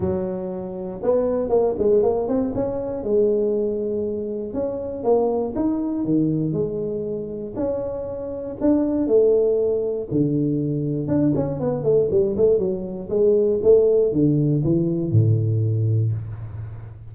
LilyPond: \new Staff \with { instrumentName = "tuba" } { \time 4/4 \tempo 4 = 119 fis2 b4 ais8 gis8 | ais8 c'8 cis'4 gis2~ | gis4 cis'4 ais4 dis'4 | dis4 gis2 cis'4~ |
cis'4 d'4 a2 | d2 d'8 cis'8 b8 a8 | g8 a8 fis4 gis4 a4 | d4 e4 a,2 | }